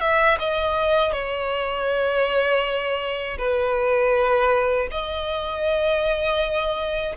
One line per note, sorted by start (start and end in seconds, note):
0.00 0.38 E5
0.39 1.12 D#5
1.12 3.38 C#5
3.38 4.88 B4
4.91 7.16 D#5